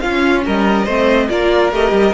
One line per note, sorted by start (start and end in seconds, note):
0.00 0.88 C#4
0.00 0.46 C#4
0.00 0.45 F4
0.00 0.42 F5
0.45 0.87 G3
0.45 0.85 A#4
0.45 1.29 D#5
0.85 1.29 A3
0.85 1.30 C4
0.85 1.28 C5
1.29 1.72 A#3
1.29 1.72 F4
1.29 2.14 A#4
1.29 1.71 D5
1.72 1.92 A3
1.72 2.14 G4
1.72 2.14 D#5
1.92 2.13 G3